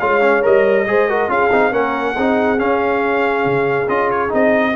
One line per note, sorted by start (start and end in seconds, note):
0.00 0.44 G#3
0.00 0.21 F4
0.00 0.87 C#5
0.00 0.43 F5
0.21 0.43 C#4
0.43 0.87 G3
0.43 0.86 A#4
0.43 1.31 D#5
0.87 1.29 G#3
0.87 1.09 G#4
0.87 1.10 C5
1.09 1.29 F#4
1.09 1.29 A#4
1.29 1.50 C#4
1.29 1.51 F4
1.29 1.72 G#4
1.29 1.74 F5
1.52 1.73 C4
1.52 1.72 D#4
1.72 2.16 A#3
1.72 2.16 C#4
1.72 2.15 A#4
1.72 2.60 F#5
2.17 2.61 C4
2.17 2.58 D#4
2.17 4.76 G#4
2.58 3.88 C#4
2.58 3.46 C#4
2.58 3.89 F5
3.46 3.88 C#3
3.88 4.31 C#4
3.88 4.29 F4
3.88 4.11 D#5
4.11 4.33 C#5
4.29 4.76 C4
4.29 4.72 D#4
4.29 4.76 D#5